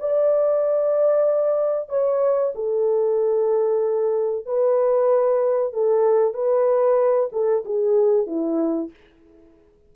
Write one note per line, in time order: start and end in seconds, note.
0.00 1.89 D5
1.89 2.53 C#5
2.55 4.46 A4
4.46 5.73 B4
5.73 6.34 A4
6.34 7.30 B4
7.33 7.65 A4
7.65 8.27 G#4
8.27 8.91 E4